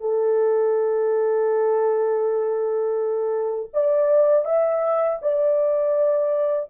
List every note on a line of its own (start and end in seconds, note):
0.00 3.70 A4
3.73 4.44 D5
4.44 5.19 E5
5.22 6.70 D5